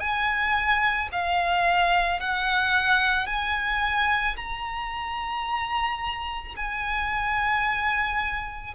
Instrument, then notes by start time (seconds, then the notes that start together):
violin
0.00 G#5
1.12 F5
2.20 F#5
3.27 G#5
4.37 A#5
6.57 G#5